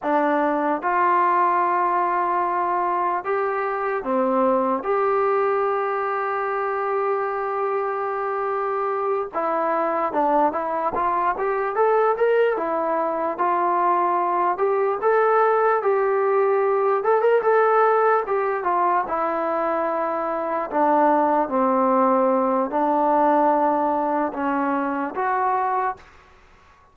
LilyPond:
\new Staff \with { instrumentName = "trombone" } { \time 4/4 \tempo 4 = 74 d'4 f'2. | g'4 c'4 g'2~ | g'2.~ g'8 e'8~ | e'8 d'8 e'8 f'8 g'8 a'8 ais'8 e'8~ |
e'8 f'4. g'8 a'4 g'8~ | g'4 a'16 ais'16 a'4 g'8 f'8 e'8~ | e'4. d'4 c'4. | d'2 cis'4 fis'4 | }